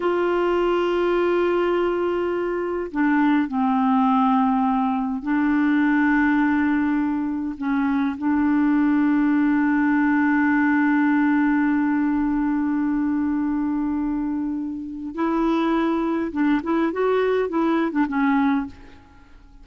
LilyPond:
\new Staff \with { instrumentName = "clarinet" } { \time 4/4 \tempo 4 = 103 f'1~ | f'4 d'4 c'2~ | c'4 d'2.~ | d'4 cis'4 d'2~ |
d'1~ | d'1~ | d'2 e'2 | d'8 e'8 fis'4 e'8. d'16 cis'4 | }